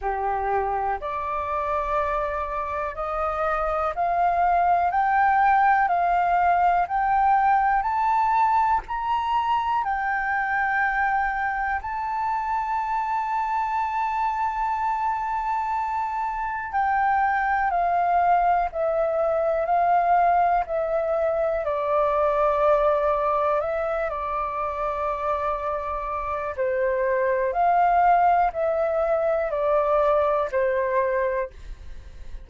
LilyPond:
\new Staff \with { instrumentName = "flute" } { \time 4/4 \tempo 4 = 61 g'4 d''2 dis''4 | f''4 g''4 f''4 g''4 | a''4 ais''4 g''2 | a''1~ |
a''4 g''4 f''4 e''4 | f''4 e''4 d''2 | e''8 d''2~ d''8 c''4 | f''4 e''4 d''4 c''4 | }